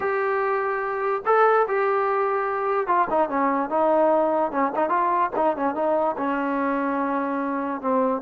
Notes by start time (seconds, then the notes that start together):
0.00 G4
1.25 A4
1.67 G4
2.87 F4
3.10 D#4
3.29 C#4
3.69 D#4
4.51 C#4
4.75 D#4
4.89 F4
5.36 D#4
5.56 C#4
5.74 D#4
6.17 C#4
7.81 C4